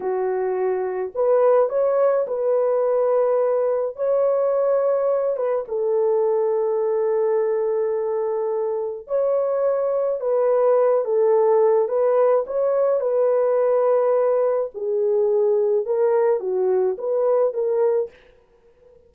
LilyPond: \new Staff \with { instrumentName = "horn" } { \time 4/4 \tempo 4 = 106 fis'2 b'4 cis''4 | b'2. cis''4~ | cis''4. b'8 a'2~ | a'1 |
cis''2 b'4. a'8~ | a'4 b'4 cis''4 b'4~ | b'2 gis'2 | ais'4 fis'4 b'4 ais'4 | }